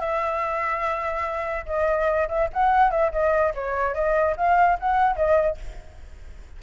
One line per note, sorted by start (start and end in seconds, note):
0.00 1.66 E5
1.66 2.28 D#5
2.28 2.49 E5
2.53 2.91 F#5
2.91 3.11 E5
3.12 3.53 D#5
3.54 3.94 C#5
3.94 4.36 D#5
4.37 4.78 F5
4.79 5.16 F#5
5.16 5.57 D#5